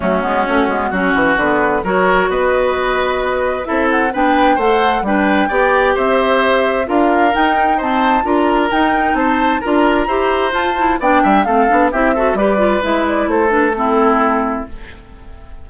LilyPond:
<<
  \new Staff \with { instrumentName = "flute" } { \time 4/4 \tempo 4 = 131 fis'2. b'4 | cis''4 dis''2. | e''8 fis''8 g''4 fis''4 g''4~ | g''4 e''2 f''4 |
g''4 a''4 ais''4 g''4 | a''4 ais''2 a''4 | g''4 f''4 e''4 d''4 | e''8 d''8 c''8 b'8 a'2 | }
  \new Staff \with { instrumentName = "oboe" } { \time 4/4 cis'2 fis'2 | ais'4 b'2. | a'4 b'4 c''4 b'4 | d''4 c''2 ais'4~ |
ais'4 c''4 ais'2 | c''4 ais'4 c''2 | d''8 e''8 a'4 g'8 a'8 b'4~ | b'4 a'4 e'2 | }
  \new Staff \with { instrumentName = "clarinet" } { \time 4/4 a8 b8 cis'8 b8 cis'4 b4 | fis'1 | e'4 d'4 a'4 d'4 | g'2. f'4 |
dis'4 c'4 f'4 dis'4~ | dis'4 f'4 g'4 f'8 e'8 | d'4 c'8 d'8 e'8 fis'8 g'8 f'8 | e'4. d'8 c'2 | }
  \new Staff \with { instrumentName = "bassoon" } { \time 4/4 fis8 gis8 a8 gis8 fis8 e8 d4 | fis4 b2. | c'4 b4 a4 g4 | b4 c'2 d'4 |
dis'2 d'4 dis'4 | c'4 d'4 e'4 f'4 | b8 g8 a8 b8 c'4 g4 | gis4 a2. | }
>>